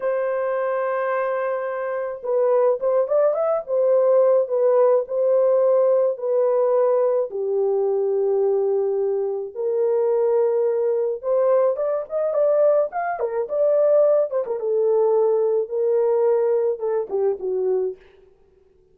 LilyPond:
\new Staff \with { instrumentName = "horn" } { \time 4/4 \tempo 4 = 107 c''1 | b'4 c''8 d''8 e''8 c''4. | b'4 c''2 b'4~ | b'4 g'2.~ |
g'4 ais'2. | c''4 d''8 dis''8 d''4 f''8 ais'8 | d''4. c''16 ais'16 a'2 | ais'2 a'8 g'8 fis'4 | }